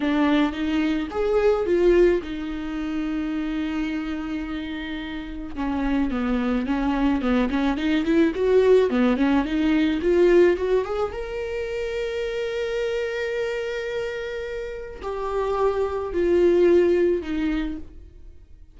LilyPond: \new Staff \with { instrumentName = "viola" } { \time 4/4 \tempo 4 = 108 d'4 dis'4 gis'4 f'4 | dis'1~ | dis'2 cis'4 b4 | cis'4 b8 cis'8 dis'8 e'8 fis'4 |
b8 cis'8 dis'4 f'4 fis'8 gis'8 | ais'1~ | ais'2. g'4~ | g'4 f'2 dis'4 | }